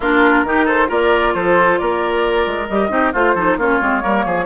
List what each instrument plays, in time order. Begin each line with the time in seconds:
0.00 bassoon A#3, clarinet D4, oboe F4, flute A#4
0.43 bassoon D#3, clarinet D#4, oboe G4
0.65 oboe A4, flute C5
0.87 bassoon A#3, clarinet F4, oboe A#4, flute D5
1.34 bassoon F3, oboe A4, flute C5
1.78 bassoon A#3, oboe A#4, flute D5
2.46 bassoon G#3
2.68 bassoon G3, clarinet G4, flute D#5
2.89 bassoon C4, clarinet D#4, oboe G4
3.12 bassoon A3, oboe F4, clarinet F4, flute C5
3.34 bassoon F3, clarinet D#4, oboe A4
3.57 bassoon A#3, clarinet C#4, oboe F4, flute C#5
3.81 bassoon G#3, clarinet C4
4.00 bassoon G3, clarinet A#3, oboe A#4
4.25 bassoon F3, oboe G#4